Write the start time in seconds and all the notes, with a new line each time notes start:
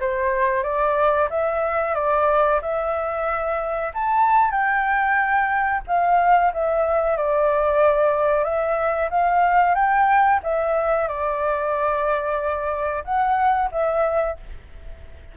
0.00 C5
0.63 D5
1.30 E5
1.95 D5
2.61 E5
3.94 A5
4.51 G5
5.87 F5
6.53 E5
7.17 D5
8.44 E5
9.10 F5
9.75 G5
10.43 E5
11.08 D5
13.05 F#5
13.71 E5